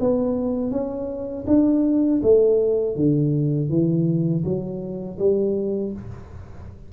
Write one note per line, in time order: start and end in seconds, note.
0.00 0.72 B3
0.72 1.46 C#4
1.47 2.22 D4
2.23 2.96 A3
2.96 3.70 D3
3.70 4.44 E3
4.45 5.19 F#3
5.19 5.93 G3